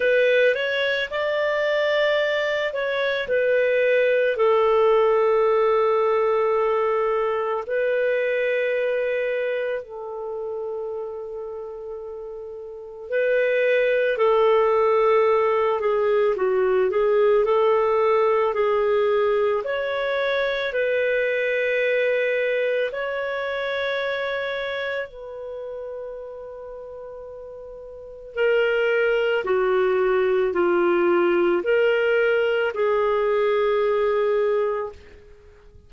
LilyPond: \new Staff \with { instrumentName = "clarinet" } { \time 4/4 \tempo 4 = 55 b'8 cis''8 d''4. cis''8 b'4 | a'2. b'4~ | b'4 a'2. | b'4 a'4. gis'8 fis'8 gis'8 |
a'4 gis'4 cis''4 b'4~ | b'4 cis''2 b'4~ | b'2 ais'4 fis'4 | f'4 ais'4 gis'2 | }